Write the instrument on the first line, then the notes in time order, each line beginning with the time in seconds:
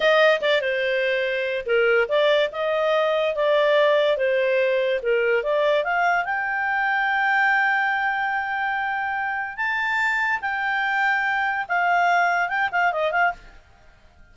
clarinet
0.00 D#5
0.41 D5
0.61 C5
1.66 A#4
2.08 D5
2.52 D#5
3.35 D5
4.17 C5
5.02 A#4
5.43 D5
5.84 F5
6.24 G5
9.56 A5
10.41 G5
11.68 F5
12.48 G5
12.71 F5
12.92 D#5
13.11 F5